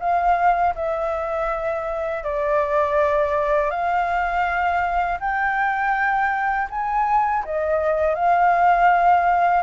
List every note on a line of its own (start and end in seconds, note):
0.00 0.74 F5
0.75 2.23 E5
2.23 3.70 D5
3.70 5.18 F5
5.20 6.68 G5
6.70 7.44 G#5
7.45 8.15 D#5
8.15 9.63 F5